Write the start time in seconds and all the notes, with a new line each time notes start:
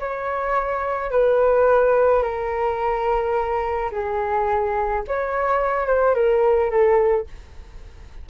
0.00 C#5
1.11 B4
2.23 A#4
3.92 G#4
5.08 C#5
5.87 C5
6.15 A#4
6.71 A4